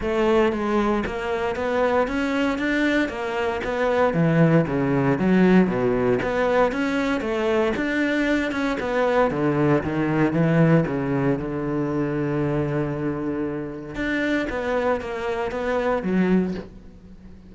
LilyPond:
\new Staff \with { instrumentName = "cello" } { \time 4/4 \tempo 4 = 116 a4 gis4 ais4 b4 | cis'4 d'4 ais4 b4 | e4 cis4 fis4 b,4 | b4 cis'4 a4 d'4~ |
d'8 cis'8 b4 d4 dis4 | e4 cis4 d2~ | d2. d'4 | b4 ais4 b4 fis4 | }